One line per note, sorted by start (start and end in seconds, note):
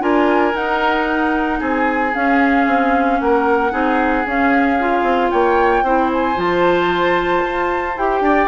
0.00 0.54 D4
0.00 0.53 F4
0.00 1.59 A#4
0.00 0.55 G#5
0.53 2.12 D#4
0.53 1.60 D#4
0.53 1.61 F#5
1.59 2.14 C4
1.59 3.18 G#4
1.59 2.14 G#5
2.14 3.71 C#4
2.14 2.66 C#4
2.14 3.20 F5
2.66 3.19 C4
3.20 3.72 A#3
3.20 3.72 A#4
3.20 4.26 F#5
3.71 4.25 C4
3.71 4.24 D#4
3.71 5.31 G#4
4.24 4.77 C#4
4.24 5.02 C#4
4.24 5.30 F5
4.79 5.84 F4
5.02 5.29 C4
5.30 5.82 A#3
5.30 5.84 C#5
5.30 6.10 G5
5.82 6.35 C4
5.82 6.34 E4
5.82 8.23 C5
6.13 6.39 G#5
6.34 7.43 F3
6.34 7.94 F4
6.34 7.97 A5
7.44 7.96 F4
7.96 8.20 E4
7.96 8.48 G4
7.96 8.48 G5
8.20 8.47 D4
8.20 8.48 D5